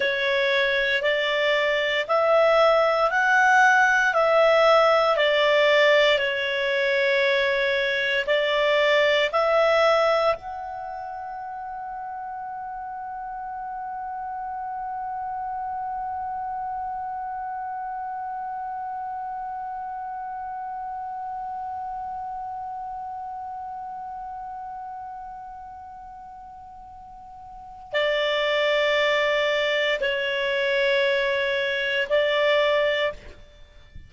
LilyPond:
\new Staff \with { instrumentName = "clarinet" } { \time 4/4 \tempo 4 = 58 cis''4 d''4 e''4 fis''4 | e''4 d''4 cis''2 | d''4 e''4 fis''2~ | fis''1~ |
fis''1~ | fis''1~ | fis''2. d''4~ | d''4 cis''2 d''4 | }